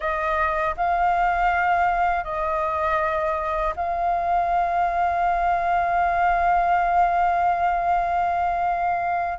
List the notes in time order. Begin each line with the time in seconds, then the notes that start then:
0.00 D#5
0.76 F5
2.24 D#5
3.76 F5